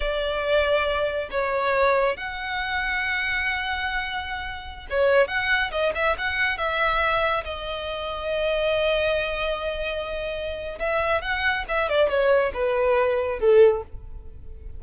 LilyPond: \new Staff \with { instrumentName = "violin" } { \time 4/4 \tempo 4 = 139 d''2. cis''4~ | cis''4 fis''2.~ | fis''2.~ fis''16 cis''8.~ | cis''16 fis''4 dis''8 e''8 fis''4 e''8.~ |
e''4~ e''16 dis''2~ dis''8.~ | dis''1~ | dis''4 e''4 fis''4 e''8 d''8 | cis''4 b'2 a'4 | }